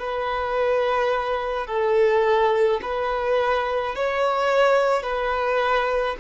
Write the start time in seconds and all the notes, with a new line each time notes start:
0.00 B4
1.67 A4
2.83 B4
3.96 C#5
5.03 B4